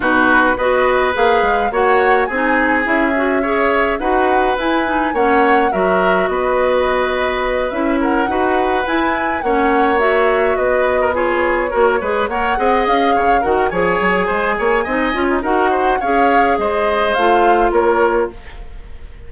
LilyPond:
<<
  \new Staff \with { instrumentName = "flute" } { \time 4/4 \tempo 4 = 105 b'4 dis''4 f''4 fis''4 | gis''4 e''2 fis''4 | gis''4 fis''4 e''4 dis''4~ | dis''4. e''8 fis''4. gis''8~ |
gis''8 fis''4 e''4 dis''4 cis''8~ | cis''4. fis''4 f''4 fis''8 | gis''2. fis''4 | f''4 dis''4 f''4 cis''4 | }
  \new Staff \with { instrumentName = "oboe" } { \time 4/4 fis'4 b'2 cis''4 | gis'2 cis''4 b'4~ | b'4 cis''4 ais'4 b'4~ | b'2 ais'8 b'4.~ |
b'8 cis''2 b'8. ais'16 gis'8~ | gis'8 ais'8 b'8 cis''8 dis''4 cis''8 ais'8 | cis''4 c''8 cis''8 dis''8. dis'16 ais'8 c''8 | cis''4 c''2 ais'4 | }
  \new Staff \with { instrumentName = "clarinet" } { \time 4/4 dis'4 fis'4 gis'4 fis'4 | dis'4 e'8 fis'8 gis'4 fis'4 | e'8 dis'8 cis'4 fis'2~ | fis'4. e'4 fis'4 e'8~ |
e'8 cis'4 fis'2 f'8~ | f'8 fis'8 gis'8 ais'8 gis'4. fis'8 | gis'2 dis'8 f'8 fis'4 | gis'2 f'2 | }
  \new Staff \with { instrumentName = "bassoon" } { \time 4/4 b,4 b4 ais8 gis8 ais4 | c'4 cis'2 dis'4 | e'4 ais4 fis4 b4~ | b4. cis'4 dis'4 e'8~ |
e'8 ais2 b4.~ | b8 ais8 gis8 ais8 c'8 cis'8 cis8 dis8 | f8 fis8 gis8 ais8 c'8 cis'8 dis'4 | cis'4 gis4 a4 ais4 | }
>>